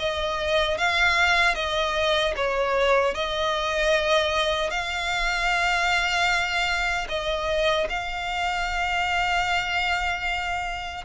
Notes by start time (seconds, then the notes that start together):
0.00 D#5
0.78 F5
1.55 D#5
2.36 C#5
3.15 D#5
4.71 F5
7.09 D#5
7.89 F5